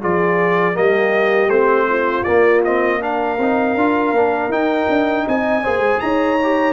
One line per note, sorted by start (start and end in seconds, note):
0.00 0.78 F3
0.00 0.73 F4
0.00 0.74 G#4
0.00 0.76 D5
0.73 1.48 G3
0.73 1.48 A#3
0.73 1.86 G4
0.73 1.49 D#5
1.48 2.23 A3
1.48 2.25 C4
1.48 2.23 C5
1.89 3.00 F4
2.23 2.64 A#3
2.23 3.38 A#3
2.23 2.61 D5
2.64 3.00 C4
2.64 3.02 D#5
3.00 3.38 D4
3.00 5.25 A#4
3.00 4.52 F5
3.38 3.75 C4
3.38 3.78 D#4
3.75 4.12 D4
3.75 4.15 F4
4.12 4.48 A#3
4.12 4.50 D4
4.48 4.85 D#4
4.48 5.63 D#4
4.48 5.27 G5
4.88 5.26 D4
5.27 5.65 C4
5.27 5.63 D#5
5.27 6.00 G#5
5.63 5.78 A#3
5.63 6.39 G#4
5.63 6.01 C5
5.78 5.97 G#3
6.00 6.73 D#4
6.00 6.73 C#5
6.00 6.73 A#5
6.42 6.73 G4